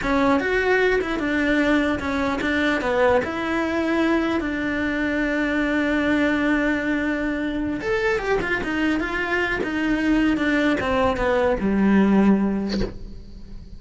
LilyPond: \new Staff \with { instrumentName = "cello" } { \time 4/4 \tempo 4 = 150 cis'4 fis'4. e'8 d'4~ | d'4 cis'4 d'4 b4 | e'2. d'4~ | d'1~ |
d'2.~ d'8 a'8~ | a'8 g'8 f'8 dis'4 f'4. | dis'2 d'4 c'4 | b4 g2. | }